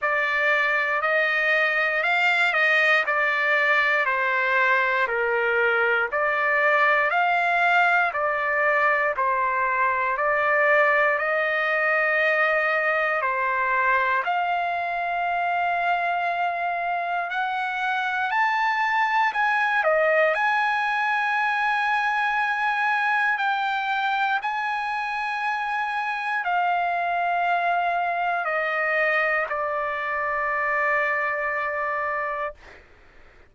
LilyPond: \new Staff \with { instrumentName = "trumpet" } { \time 4/4 \tempo 4 = 59 d''4 dis''4 f''8 dis''8 d''4 | c''4 ais'4 d''4 f''4 | d''4 c''4 d''4 dis''4~ | dis''4 c''4 f''2~ |
f''4 fis''4 a''4 gis''8 dis''8 | gis''2. g''4 | gis''2 f''2 | dis''4 d''2. | }